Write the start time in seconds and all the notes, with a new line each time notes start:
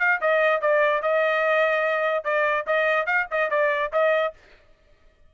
0.00 F5
0.21 D#5
0.61 D5
1.03 D#5
2.25 D5
2.67 D#5
3.07 F5
3.31 D#5
3.51 D5
3.93 D#5